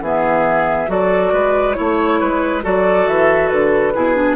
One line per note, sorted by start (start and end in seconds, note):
0.00 0.87 E3
0.00 0.87 B3
0.00 0.90 G#4
0.00 0.90 E5
0.87 1.31 F#3
0.87 1.74 F#4
0.87 1.32 A4
0.87 1.73 D5
1.32 1.76 G#3
1.32 1.76 B4
1.73 2.21 A3
1.73 2.61 E4
1.73 2.60 C#5
1.73 2.20 C#5
2.20 2.64 G#3
2.20 2.63 B4
2.62 3.07 F#3
2.62 3.93 F#4
2.62 3.93 A4
2.62 3.07 D5
3.07 3.51 E3
3.07 3.48 E5
3.48 3.95 D3
3.48 4.35 B4
3.94 4.36 B2
3.94 4.15 E4
3.94 4.36 G#4
4.15 4.36 D4